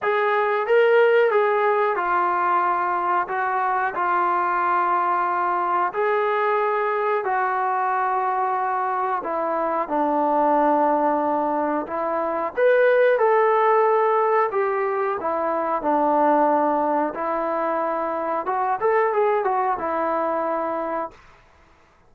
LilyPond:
\new Staff \with { instrumentName = "trombone" } { \time 4/4 \tempo 4 = 91 gis'4 ais'4 gis'4 f'4~ | f'4 fis'4 f'2~ | f'4 gis'2 fis'4~ | fis'2 e'4 d'4~ |
d'2 e'4 b'4 | a'2 g'4 e'4 | d'2 e'2 | fis'8 a'8 gis'8 fis'8 e'2 | }